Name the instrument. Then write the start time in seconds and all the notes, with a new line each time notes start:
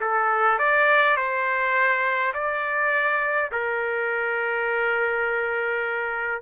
trumpet
0.00 A4
0.58 D5
1.16 C5
2.34 D5
3.51 A#4